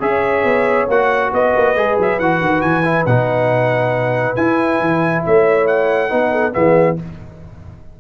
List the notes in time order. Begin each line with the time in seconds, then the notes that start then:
0.00 C#4 G#4 C#5 E5
0.44 B3
0.89 A#3 F#4 F#5
1.33 B3 B4 D#5
1.56 A#3
1.76 G#3 G#4
1.99 F#3 E5
2.19 E3 F#4 F#5
2.41 D#3
2.62 E3 G#5
2.84 E4
3.06 B2 D#4 F#5
4.36 E4 G#5
4.80 E3
5.26 A3 C#5 E5
5.67 F#5
6.10 B3 D#4 B4
6.32 A4
6.53 E3 B3 G#4 E5